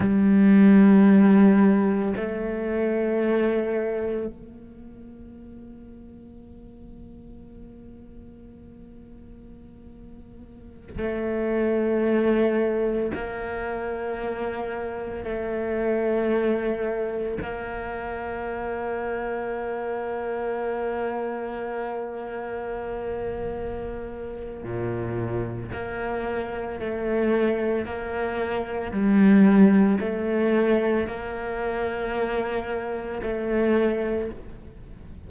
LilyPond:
\new Staff \with { instrumentName = "cello" } { \time 4/4 \tempo 4 = 56 g2 a2 | ais1~ | ais2~ ais16 a4.~ a16~ | a16 ais2 a4.~ a16~ |
a16 ais2.~ ais8.~ | ais2. ais,4 | ais4 a4 ais4 g4 | a4 ais2 a4 | }